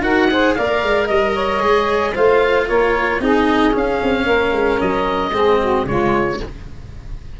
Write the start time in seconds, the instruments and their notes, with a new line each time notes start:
0.00 tuba D#4, cello F#4, saxophone A#4, oboe F#5
0.30 cello G#4, saxophone C5
0.55 tuba A#3, cello A#4, saxophone D5, oboe F5
0.83 tuba G#3
1.05 tuba G3, saxophone D#5, oboe D#5
1.33 saxophone C#5
1.60 tuba G#3, cello G#4
2.13 tuba A3, cello F4, saxophone C5, oboe F5
2.68 tuba A#3, saxophone A#4, oboe C#5
3.20 tuba C4, cello D#4, saxophone G#4, oboe D#5
3.71 cello C#4, tuba C#4, oboe F5
4.02 tuba C4
4.25 tuba A#3, saxophone A#4
4.52 tuba G#3
4.80 tuba F#3, oboe D#5
5.31 tuba G#3, cello C4, saxophone G#4
5.60 saxophone F#4
5.84 tuba C#3, cello G#3, saxophone F4, oboe C#5